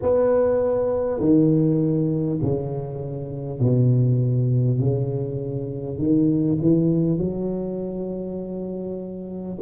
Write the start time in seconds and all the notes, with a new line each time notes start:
0.02 B3
1.19 D#3
2.42 C#3
3.59 B2
4.79 C#3
5.98 D#3
6.61 E3
7.18 F#3